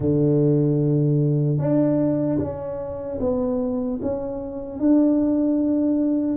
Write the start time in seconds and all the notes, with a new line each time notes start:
0.00 D3
1.58 D4
2.38 C#4
3.20 B3
4.01 C#4
4.79 D4